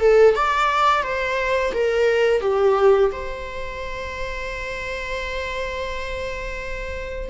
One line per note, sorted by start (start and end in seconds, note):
0.00 0.35 A4
0.35 1.03 D5
1.03 1.73 C5
1.73 2.41 A#4
2.41 3.10 G4
3.12 7.30 C5